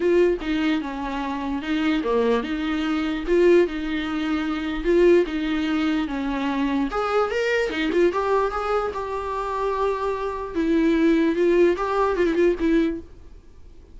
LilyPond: \new Staff \with { instrumentName = "viola" } { \time 4/4 \tempo 4 = 148 f'4 dis'4 cis'2 | dis'4 ais4 dis'2 | f'4 dis'2. | f'4 dis'2 cis'4~ |
cis'4 gis'4 ais'4 dis'8 f'8 | g'4 gis'4 g'2~ | g'2 e'2 | f'4 g'4 f'16 e'16 f'8 e'4 | }